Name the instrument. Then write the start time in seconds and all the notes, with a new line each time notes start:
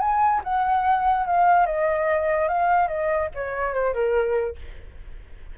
flute
0.00 G#5
0.44 F#5
1.26 F5
1.66 D#5
2.48 F5
2.88 D#5
3.35 C#5
3.74 C5
3.94 A#4